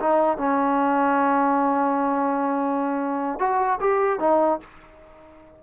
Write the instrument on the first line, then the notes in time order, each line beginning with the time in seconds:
trombone
0.00 D#4
0.38 C#4
3.39 F#4
3.81 G4
4.20 D#4